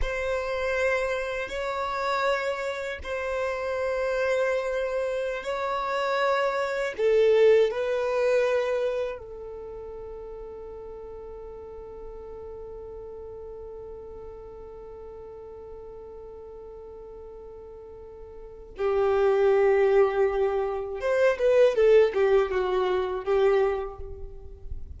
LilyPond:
\new Staff \with { instrumentName = "violin" } { \time 4/4 \tempo 4 = 80 c''2 cis''2 | c''2.~ c''16 cis''8.~ | cis''4~ cis''16 a'4 b'4.~ b'16~ | b'16 a'2.~ a'8.~ |
a'1~ | a'1~ | a'4 g'2. | c''8 b'8 a'8 g'8 fis'4 g'4 | }